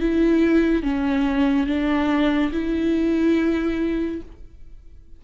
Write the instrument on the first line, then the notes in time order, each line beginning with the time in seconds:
viola
0.00 E4
0.83 C#4
1.66 D4
2.52 E4